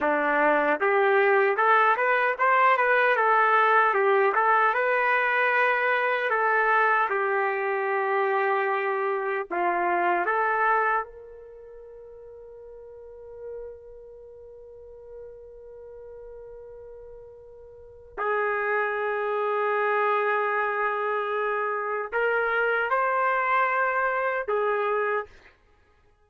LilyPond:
\new Staff \with { instrumentName = "trumpet" } { \time 4/4 \tempo 4 = 76 d'4 g'4 a'8 b'8 c''8 b'8 | a'4 g'8 a'8 b'2 | a'4 g'2. | f'4 a'4 ais'2~ |
ais'1~ | ais'2. gis'4~ | gis'1 | ais'4 c''2 gis'4 | }